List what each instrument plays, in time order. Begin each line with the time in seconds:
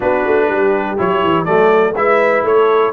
0.00 tuba B3, trombone D4, horn F#4, trumpet B4
0.26 tuba A3
0.48 tuba G3, horn G4
0.97 tuba F#3, trombone E4, trumpet C#5
1.24 tuba E3
1.45 tuba F#3, trombone A3, horn A4, trumpet D5
1.95 tuba G#3, trombone E4, horn B4, trumpet E5
2.43 tuba A3, horn A4, trumpet C#5